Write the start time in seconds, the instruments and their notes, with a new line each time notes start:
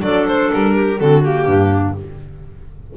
0.00 double bass F#3, clarinet D4 A4, violin D5
0.27 violin C5
0.53 double bass G3, violin A#4
0.75 clarinet G4
0.98 double bass D3, clarinet C4 F#4, violin A4
1.24 clarinet A#3, violin G4
1.46 double bass G2, clarinet D4